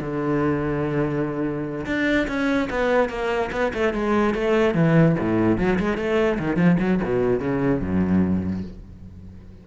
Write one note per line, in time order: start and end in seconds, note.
0.00 1.85 D3
1.85 2.27 D4
2.27 2.68 C#4
2.70 3.09 B3
3.09 3.50 A#3
3.52 3.72 B3
3.73 3.93 A3
3.93 4.34 G#3
4.34 4.74 A3
4.74 5.15 E3
5.19 5.58 A2
5.58 5.78 F#3
5.79 5.97 G#3
5.97 6.38 A3
6.38 6.56 D#3
6.56 6.77 F3
6.79 7.00 F#3
7.04 7.40 B2
7.40 7.81 C#3
7.81 8.63 F#2